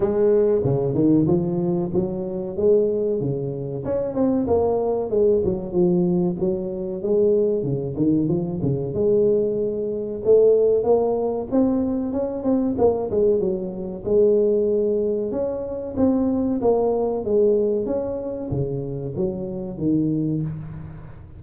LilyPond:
\new Staff \with { instrumentName = "tuba" } { \time 4/4 \tempo 4 = 94 gis4 cis8 dis8 f4 fis4 | gis4 cis4 cis'8 c'8 ais4 | gis8 fis8 f4 fis4 gis4 | cis8 dis8 f8 cis8 gis2 |
a4 ais4 c'4 cis'8 c'8 | ais8 gis8 fis4 gis2 | cis'4 c'4 ais4 gis4 | cis'4 cis4 fis4 dis4 | }